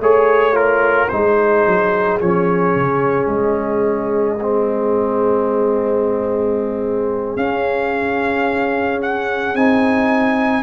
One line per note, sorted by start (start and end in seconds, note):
0.00 1.09 A3
0.00 0.53 G#4
0.00 1.10 C#5
0.00 0.56 C#5
0.53 1.08 F4
0.53 1.09 A#4
1.09 1.67 G#3
1.09 2.20 D#4
1.09 10.63 G#4
1.09 2.18 C5
1.67 2.22 F#3
2.21 2.76 F3
2.21 4.39 C#4
2.21 3.28 C#5
2.76 3.27 C#3
3.27 7.37 G#3
3.27 7.37 D#5
4.41 7.38 C4
7.37 9.55 C#4
7.37 9.56 C#4
7.37 9.01 F5
9.02 9.56 F#5
9.55 10.63 C4
9.55 10.63 D#4
9.55 10.63 G#5